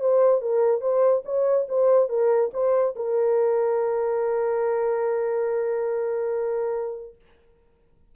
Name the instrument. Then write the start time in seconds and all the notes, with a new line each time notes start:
horn
0.00 C5
0.41 A#4
0.81 C5
1.25 C#5
1.68 C5
2.09 A#4
2.53 C5
2.96 A#4